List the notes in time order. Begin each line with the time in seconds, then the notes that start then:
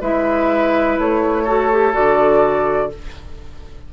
0.00 G#3 E4 B4 E5
0.98 A3 C#5
1.43 F#4 A4
1.71 G4
1.93 D3 F#4 D5